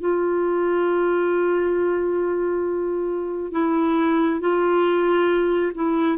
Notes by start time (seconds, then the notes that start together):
0.00 F4
3.52 E4
4.40 F4
5.75 E4